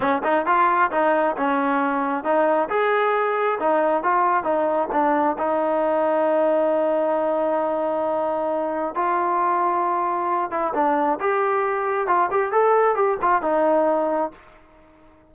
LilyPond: \new Staff \with { instrumentName = "trombone" } { \time 4/4 \tempo 4 = 134 cis'8 dis'8 f'4 dis'4 cis'4~ | cis'4 dis'4 gis'2 | dis'4 f'4 dis'4 d'4 | dis'1~ |
dis'1 | f'2.~ f'8 e'8 | d'4 g'2 f'8 g'8 | a'4 g'8 f'8 dis'2 | }